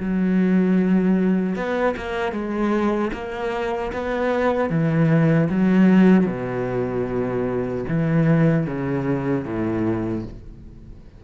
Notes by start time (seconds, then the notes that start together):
0.00 F#3
1.56 B3
1.97 A#3
2.33 G#3
3.13 A#3
3.93 B3
4.70 E3
5.50 F#3
6.27 B2
7.89 E3
8.67 C#3
9.46 A2